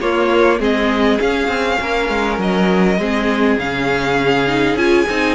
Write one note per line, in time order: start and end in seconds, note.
0.00 0.59 A#3
0.00 0.60 A#3
0.00 0.60 F4
0.00 0.60 C#5
0.60 1.19 G#3
0.60 1.19 C4
0.60 1.78 G#4
0.60 1.20 D#5
1.19 2.97 C#4
1.19 1.48 C#4
1.19 2.39 F5
1.48 1.77 C4
1.81 2.09 A#3
1.81 2.99 A#4
2.09 2.39 G#3
2.39 2.98 F#3
2.39 3.59 D#5
2.99 3.58 G#3
2.99 3.60 C4
2.99 5.36 G#4
3.58 4.75 C#3
3.58 4.48 C#4
3.58 4.78 F5
4.48 4.77 D#4
4.75 5.04 C#4
4.75 5.07 F4
4.75 5.36 G#5
5.10 5.36 C4
5.10 5.36 D#4